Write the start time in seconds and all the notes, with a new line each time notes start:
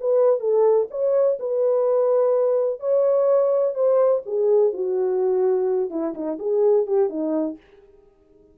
0.00 B4
0.40 A4
0.90 C#5
1.39 B4
2.80 C#5
3.74 C5
4.26 G#4
4.73 F#4
5.90 E4
6.14 D#4
6.39 G#4
6.87 G4
7.09 D#4